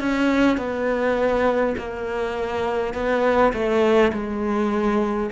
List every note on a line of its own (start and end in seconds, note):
0.00 0.58 C#4
0.58 1.75 B3
1.78 2.94 A#3
2.94 3.53 B3
3.53 4.12 A3
4.12 5.30 G#3